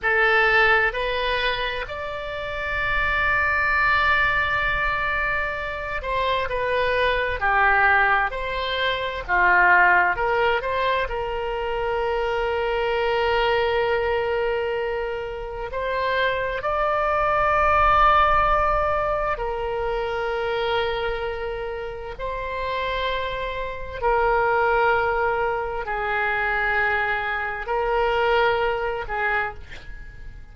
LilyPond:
\new Staff \with { instrumentName = "oboe" } { \time 4/4 \tempo 4 = 65 a'4 b'4 d''2~ | d''2~ d''8 c''8 b'4 | g'4 c''4 f'4 ais'8 c''8 | ais'1~ |
ais'4 c''4 d''2~ | d''4 ais'2. | c''2 ais'2 | gis'2 ais'4. gis'8 | }